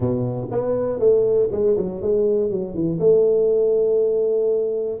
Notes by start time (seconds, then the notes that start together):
0.00 B2
0.51 B3
0.99 A3
1.51 G#3
1.77 F#3
2.01 G#3
2.50 F#3
2.74 E3
2.99 A3